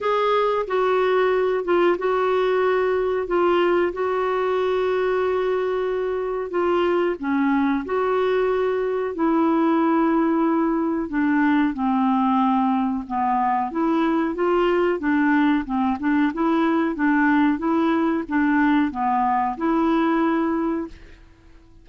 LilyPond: \new Staff \with { instrumentName = "clarinet" } { \time 4/4 \tempo 4 = 92 gis'4 fis'4. f'8 fis'4~ | fis'4 f'4 fis'2~ | fis'2 f'4 cis'4 | fis'2 e'2~ |
e'4 d'4 c'2 | b4 e'4 f'4 d'4 | c'8 d'8 e'4 d'4 e'4 | d'4 b4 e'2 | }